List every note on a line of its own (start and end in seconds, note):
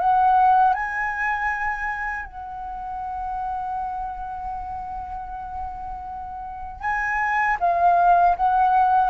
0.00 0.74 F#5
0.74 2.25 G#5
2.25 6.81 F#5
6.81 7.57 G#5
7.60 8.36 F5
8.37 9.10 F#5